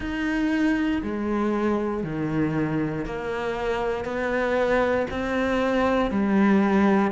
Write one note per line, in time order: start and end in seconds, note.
0.00 1.02 D#4
1.02 2.03 G#3
2.03 3.05 D#3
3.05 4.04 A#3
4.04 5.06 B3
5.10 6.10 C4
6.10 7.11 G3